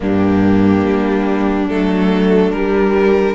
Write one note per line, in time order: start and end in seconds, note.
0.00 0.85 G2
0.00 1.68 A#3
0.00 3.35 D4
0.00 1.68 G4
0.85 1.70 G3
1.68 2.51 F#3
1.68 2.55 A3
1.68 2.51 A4
2.51 3.35 G3
2.51 3.35 A#4